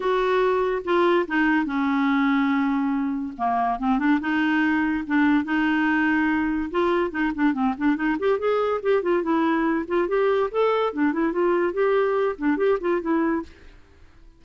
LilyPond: \new Staff \with { instrumentName = "clarinet" } { \time 4/4 \tempo 4 = 143 fis'2 f'4 dis'4 | cis'1 | ais4 c'8 d'8 dis'2 | d'4 dis'2. |
f'4 dis'8 d'8 c'8 d'8 dis'8 g'8 | gis'4 g'8 f'8 e'4. f'8 | g'4 a'4 d'8 e'8 f'4 | g'4. d'8 g'8 f'8 e'4 | }